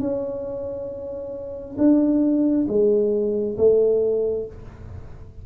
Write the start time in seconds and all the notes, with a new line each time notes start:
0.00 C#4
1.78 D4
2.68 G#3
3.58 A3